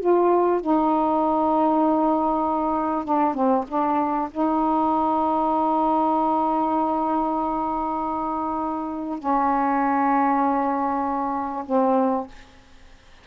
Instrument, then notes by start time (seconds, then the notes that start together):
saxophone
0.00 F4
0.61 D#4
3.04 D4
3.34 C4
3.68 D4
4.31 D#4
9.19 C#4
11.65 C4